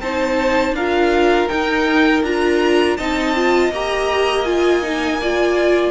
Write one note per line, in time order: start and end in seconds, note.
0.00 0.72 C4
0.00 0.77 D#4
0.00 0.75 C5
0.00 0.74 A5
0.72 1.46 D4
0.72 2.97 A#4
0.72 1.48 F5
0.78 1.49 F4
1.48 2.23 D#4
1.48 2.22 G5
2.23 2.97 D4
2.23 2.98 F4
2.23 2.97 A#5
2.97 3.70 C4
2.97 3.35 D#4
2.97 5.19 D#5
2.97 3.71 A5
3.35 3.72 F4
3.70 5.91 A#3
3.70 4.45 G4
3.70 4.44 A#5
4.44 4.82 F4
4.44 5.91 G#5
4.82 5.19 D#4
5.21 5.91 F4
5.21 5.91 D5